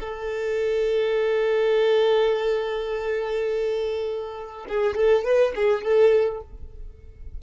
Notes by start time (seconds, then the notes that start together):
0.00 A4
4.69 G#4
4.95 A4
5.25 B4
5.56 G#4
5.84 A4